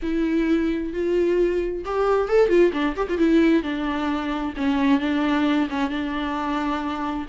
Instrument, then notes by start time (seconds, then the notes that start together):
viola
0.02 E4
0.93 F4
1.85 G4
2.28 A4
2.48 F4
2.72 D4
2.96 G4
3.09 F4
3.18 E4
3.62 D4
4.56 C#4
5.00 D4
5.69 C#4
5.89 D4